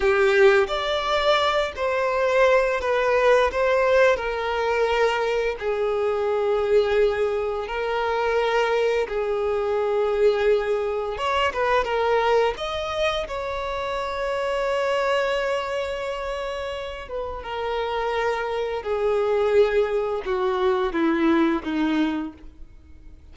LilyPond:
\new Staff \with { instrumentName = "violin" } { \time 4/4 \tempo 4 = 86 g'4 d''4. c''4. | b'4 c''4 ais'2 | gis'2. ais'4~ | ais'4 gis'2. |
cis''8 b'8 ais'4 dis''4 cis''4~ | cis''1~ | cis''8 b'8 ais'2 gis'4~ | gis'4 fis'4 e'4 dis'4 | }